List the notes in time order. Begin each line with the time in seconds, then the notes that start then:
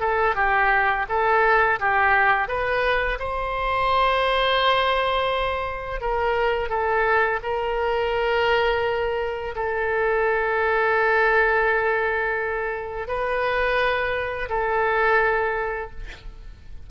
0.00 A4
0.36 G4
1.09 A4
1.80 G4
2.48 B4
3.20 C5
6.01 A#4
6.69 A4
7.43 A#4
9.56 A4
13.08 B4
14.50 A4